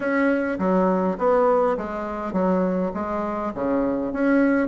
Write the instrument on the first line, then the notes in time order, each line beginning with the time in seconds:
bassoon
0.00 C#4
0.59 F#3
1.18 B3
1.77 G#3
2.32 F#3
2.94 G#3
3.54 C#3
4.12 C#4